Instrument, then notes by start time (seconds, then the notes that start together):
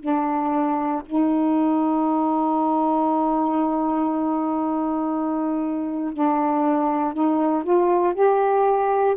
saxophone
0.00 D4
1.06 D#4
6.13 D4
7.14 D#4
7.64 F4
8.14 G4